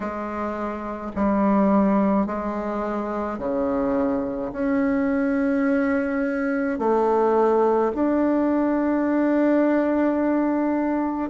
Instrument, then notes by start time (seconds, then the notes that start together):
bassoon
0.00 G#3
1.15 G3
2.26 G#3
3.38 C#3
4.52 C#4
6.78 A3
7.95 D4